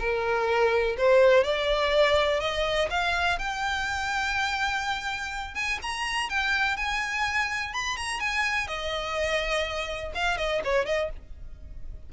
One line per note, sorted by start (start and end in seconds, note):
0.00 0.97 A#4
0.98 1.44 C5
1.44 2.41 D5
2.41 2.89 D#5
2.91 3.39 F5
3.39 5.55 G5
5.55 5.79 G#5
5.83 6.30 A#5
6.30 6.77 G5
6.77 7.74 G#5
7.74 7.97 B5
7.97 8.20 A#5
8.20 8.68 G#5
8.68 10.13 D#5
10.15 10.38 F5
10.38 10.62 D#5
10.65 10.86 C#5
10.86 11.10 D#5